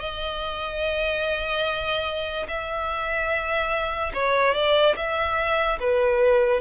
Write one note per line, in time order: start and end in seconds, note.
0.00 2.47 D#5
2.48 4.12 E5
4.14 4.55 C#5
4.55 4.96 D5
4.97 5.79 E5
5.80 6.61 B4